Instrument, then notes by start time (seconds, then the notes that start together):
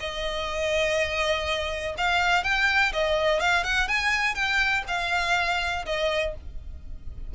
violin
0.00 D#5
1.97 F5
2.43 G5
2.93 D#5
3.40 F5
3.64 F#5
3.88 G#5
4.35 G5
4.88 F5
5.86 D#5